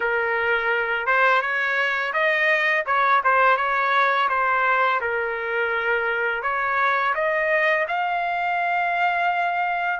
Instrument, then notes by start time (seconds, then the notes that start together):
trumpet
0.00 A#4
1.06 C5
1.41 C#5
2.13 D#5
2.86 C#5
3.23 C5
3.56 C#5
4.29 C5
5.00 A#4
6.42 C#5
7.15 D#5
7.88 F5